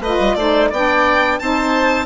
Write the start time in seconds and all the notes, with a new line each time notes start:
0.00 A3 F4 B4 D#5
0.19 G3
0.35 A3 D#4 C5 D5
0.70 B3 D4 D5 G5
1.39 C4 D#4 C5 A5